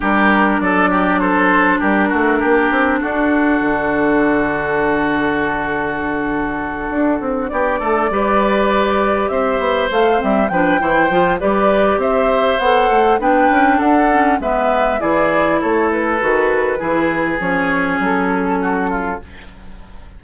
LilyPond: <<
  \new Staff \with { instrumentName = "flute" } { \time 4/4 \tempo 4 = 100 ais'4 d''4 c''4 ais'4~ | ais'4 a'2.~ | a'1~ | a'8 d''2. e''8~ |
e''8 f''8 e''8 g''4. d''4 | e''4 fis''4 g''4 fis''4 | e''4 d''4 cis''8 b'4.~ | b'4 cis''4 a'2 | }
  \new Staff \with { instrumentName = "oboe" } { \time 4/4 g'4 a'8 g'8 a'4 g'8 fis'8 | g'4 fis'2.~ | fis'1~ | fis'8 g'8 a'8 b'2 c''8~ |
c''4. b'8 c''4 b'4 | c''2 b'4 a'4 | b'4 gis'4 a'2 | gis'2. fis'8 f'8 | }
  \new Staff \with { instrumentName = "clarinet" } { \time 4/4 d'1~ | d'1~ | d'1~ | d'4. g'2~ g'8~ |
g'8 a'8 c'8 d'8 e'8 f'8 g'4~ | g'4 a'4 d'4. cis'8 | b4 e'2 fis'4 | e'4 cis'2. | }
  \new Staff \with { instrumentName = "bassoon" } { \time 4/4 g4 fis2 g8 a8 | ais8 c'8 d'4 d2~ | d2.~ d8 d'8 | c'8 b8 a8 g2 c'8 |
b8 a8 g8 f8 e8 f8 g4 | c'4 b8 a8 b8 cis'8 d'4 | gis4 e4 a4 dis4 | e4 f4 fis2 | }
>>